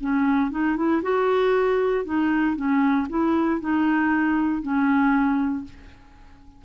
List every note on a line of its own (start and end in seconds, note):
0.00 0.50 C#4
0.50 0.76 D#4
0.76 1.02 E4
1.02 2.05 F#4
2.05 2.55 D#4
2.55 3.07 C#4
3.09 3.60 E4
3.60 4.62 D#4
4.62 5.64 C#4